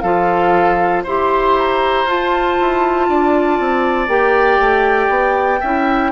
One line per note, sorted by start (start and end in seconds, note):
0.00 1.05 F3
0.00 1.05 F4
0.00 1.03 A4
0.00 1.02 F5
1.03 2.04 E4
1.03 2.07 G4
1.03 3.07 C5
1.03 1.57 C6
1.58 2.09 A#5
2.04 2.55 F4
2.04 4.08 F4
2.04 4.08 A5
2.60 3.08 E4
3.08 3.59 D4
3.08 5.60 D5
3.59 4.08 C4
4.08 4.59 A#3
4.08 5.60 G4
4.08 6.12 G5
4.59 5.09 A3
5.09 5.60 B3
5.60 6.12 C#4
5.60 6.12 E4
5.60 6.11 E5